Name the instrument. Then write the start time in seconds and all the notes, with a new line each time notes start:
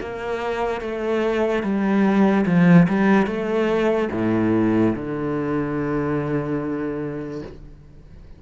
cello
0.00 A#3
0.81 A3
1.63 G3
2.46 F3
2.88 G3
3.26 A3
4.12 A2
4.95 D3